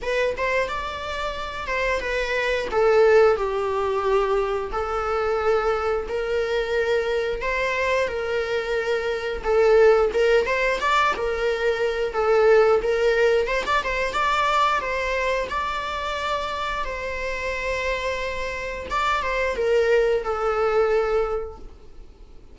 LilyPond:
\new Staff \with { instrumentName = "viola" } { \time 4/4 \tempo 4 = 89 b'8 c''8 d''4. c''8 b'4 | a'4 g'2 a'4~ | a'4 ais'2 c''4 | ais'2 a'4 ais'8 c''8 |
d''8 ais'4. a'4 ais'4 | c''16 d''16 c''8 d''4 c''4 d''4~ | d''4 c''2. | d''8 c''8 ais'4 a'2 | }